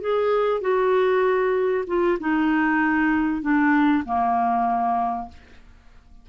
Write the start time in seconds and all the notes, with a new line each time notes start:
0.00 G#4
0.60 F#4
1.87 F4
2.19 D#4
3.41 D4
4.05 A#3